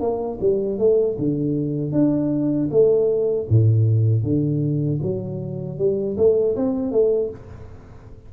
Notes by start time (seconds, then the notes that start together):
0.00 A#3
0.41 G3
0.78 A3
1.19 D3
1.92 D4
2.71 A3
3.49 A2
4.23 D3
5.02 F#3
5.78 G3
6.17 A3
6.56 C4
6.92 A3